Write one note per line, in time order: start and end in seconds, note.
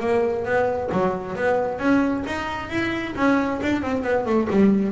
0.00 0.45 A#3
0.45 0.90 B3
0.92 1.36 F#3
1.36 1.79 B3
1.79 2.24 C#4
2.27 2.70 D#4
2.70 3.14 E4
3.16 3.60 C#4
3.62 3.82 D4
3.82 4.03 C4
4.03 4.26 B3
4.26 4.48 A3
4.50 4.92 G3